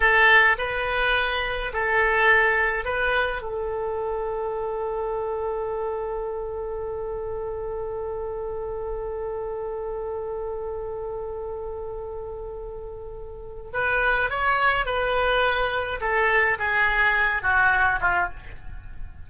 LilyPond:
\new Staff \with { instrumentName = "oboe" } { \time 4/4 \tempo 4 = 105 a'4 b'2 a'4~ | a'4 b'4 a'2~ | a'1~ | a'1~ |
a'1~ | a'1 | b'4 cis''4 b'2 | a'4 gis'4. fis'4 f'8 | }